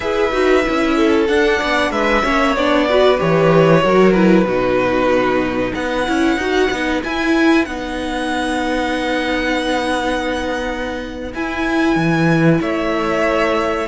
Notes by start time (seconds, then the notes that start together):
0.00 E4 G#4 B4 E5
0.32 D#4 F#4
0.64 C#4 E4
0.96 A4
1.27 D4 F#5
1.58 B3 D5
1.90 G#3 B4 E5
2.22 A#3 C#4 C#5
2.55 B3 D4 D5
2.89 F#4 B4
3.17 E3 G4 C#5
3.81 F#3 F#4 A#4
4.12 E4 B4
4.44 B2 D#4 F#4
5.73 B3 B4 F#5
6.06 C#4 E4
6.36 D#4 F#4
6.70 B3 D#4
7.03 E4 G#5
7.65 B3 D#4 F#5
11.34 E4 G#5
11.95 E3
12.60 A3 C#5 E5